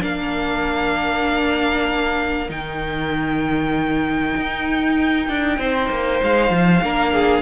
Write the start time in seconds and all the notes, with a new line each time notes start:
0.00 A#3 D4 A#4 F5
2.49 D#3 D#4 G5
4.36 D#4
5.28 D4
5.58 C4 C5
5.89 A#3
6.23 G#3 F5
6.50 F3
6.82 A#3 D4 A#4
7.13 G#4